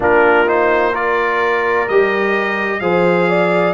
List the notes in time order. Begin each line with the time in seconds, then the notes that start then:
0.00 A#3 D4 F4 A#4
0.46 D#4 C5
0.91 F4 A#4 D5
1.88 G3 G4 D#5
2.80 F3 G#4 C5 F5
3.28 D5